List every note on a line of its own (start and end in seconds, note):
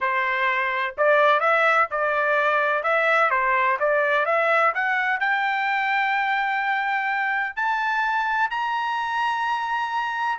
0.00 0.95 C5
0.97 1.40 D5
1.40 1.87 E5
1.90 2.83 D5
2.83 3.30 E5
3.30 3.77 C5
3.79 4.25 D5
4.25 4.72 E5
4.74 5.20 F#5
5.20 7.55 G5
7.55 8.50 A5
8.50 10.39 A#5